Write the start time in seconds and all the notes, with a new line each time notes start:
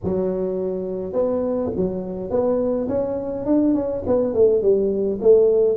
0.03 F#3
1.12 B3
1.76 F#3
2.30 B3
2.88 C#4
3.45 D4
3.74 C#4
4.06 B3
4.34 A3
4.62 G3
5.21 A3